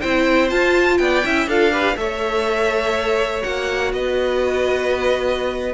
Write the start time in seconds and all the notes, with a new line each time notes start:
0.00 C4 E4 C5 G5
0.49 F4 A5
0.97 B3 D5 G5
1.25 C#4 E4 E5
1.47 D4 F4 A4 F5
1.71 G4 B4
1.97 A3 A4 C#5 E5
3.42 A#3 F#4 F#5
3.93 B3 B4 D#5